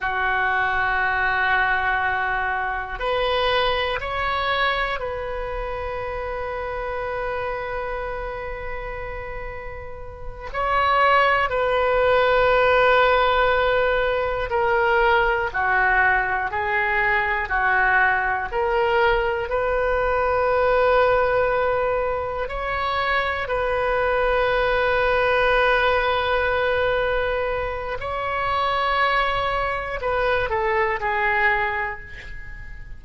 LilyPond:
\new Staff \with { instrumentName = "oboe" } { \time 4/4 \tempo 4 = 60 fis'2. b'4 | cis''4 b'2.~ | b'2~ b'8 cis''4 b'8~ | b'2~ b'8 ais'4 fis'8~ |
fis'8 gis'4 fis'4 ais'4 b'8~ | b'2~ b'8 cis''4 b'8~ | b'1 | cis''2 b'8 a'8 gis'4 | }